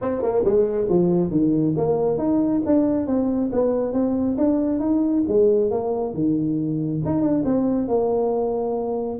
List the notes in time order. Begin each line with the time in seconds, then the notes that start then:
0.01 C4
0.22 A#3
0.44 G#3
0.89 F3
1.30 D#3
1.77 A#3
2.18 D#4
2.66 D4
3.07 C4
3.52 B3
3.93 C4
4.37 D4
4.79 D#4
5.28 G#3
5.70 A#3
6.14 D#3
7.05 D#4
7.21 D4
7.45 C4
7.88 A#3